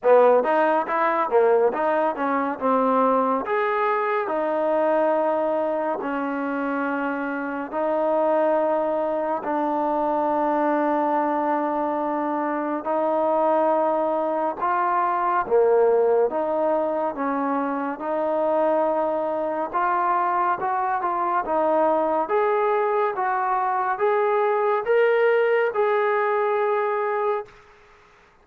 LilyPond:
\new Staff \with { instrumentName = "trombone" } { \time 4/4 \tempo 4 = 70 b8 dis'8 e'8 ais8 dis'8 cis'8 c'4 | gis'4 dis'2 cis'4~ | cis'4 dis'2 d'4~ | d'2. dis'4~ |
dis'4 f'4 ais4 dis'4 | cis'4 dis'2 f'4 | fis'8 f'8 dis'4 gis'4 fis'4 | gis'4 ais'4 gis'2 | }